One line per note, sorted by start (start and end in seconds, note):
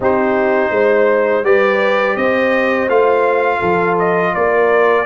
0.00 0.70 C4
0.00 1.44 D#4
0.00 0.73 G4
0.00 1.44 C5
0.70 1.42 G#3
0.70 1.44 C5
1.42 2.14 G3
1.42 2.88 G4
1.42 2.17 B4
1.42 2.16 D5
2.16 2.88 C4
2.16 3.58 C5
2.16 2.88 D#5
2.88 3.60 A3
2.88 5.05 F4
2.88 3.97 F5
3.58 4.34 F3
3.58 4.31 A4
3.98 4.34 D#5
4.34 5.05 A#3
4.34 5.05 A#4
4.34 5.05 D5